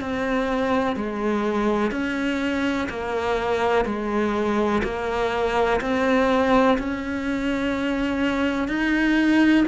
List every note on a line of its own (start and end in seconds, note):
0.00 0.95 C4
0.95 1.91 G#3
1.91 2.88 C#4
2.89 3.85 A#3
3.85 4.82 G#3
4.83 5.80 A#3
5.80 6.77 C4
6.78 8.68 C#4
8.68 9.65 D#4